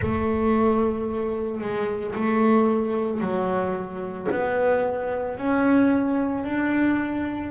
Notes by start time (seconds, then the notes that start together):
0.01 A3
1.60 G#3
2.14 A3
3.20 F#3
4.31 B3
5.37 C#4
6.44 D4